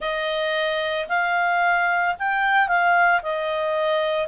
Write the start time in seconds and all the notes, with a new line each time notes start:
0.00 D#5
1.08 F5
2.18 G5
2.67 F5
3.22 D#5